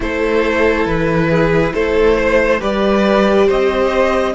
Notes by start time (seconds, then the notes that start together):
0.00 A3 E4 A4 C5
0.85 E3 B4
1.29 G#4
1.74 A3 A4 C5
2.17 C5
2.60 G3 G4 B4 D5
3.46 C4 C5 D#5